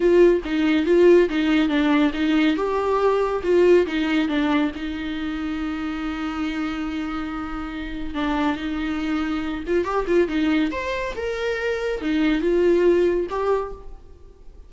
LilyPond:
\new Staff \with { instrumentName = "viola" } { \time 4/4 \tempo 4 = 140 f'4 dis'4 f'4 dis'4 | d'4 dis'4 g'2 | f'4 dis'4 d'4 dis'4~ | dis'1~ |
dis'2. d'4 | dis'2~ dis'8 f'8 g'8 f'8 | dis'4 c''4 ais'2 | dis'4 f'2 g'4 | }